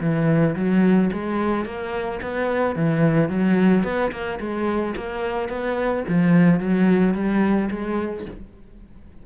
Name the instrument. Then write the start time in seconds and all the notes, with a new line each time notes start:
cello
0.00 E3
0.55 F#3
1.13 G#3
1.65 A#3
2.22 B3
2.75 E3
3.29 F#3
3.84 B3
4.11 A#3
4.40 G#3
4.96 A#3
5.49 B3
6.08 F3
6.59 F#3
7.14 G3
7.70 G#3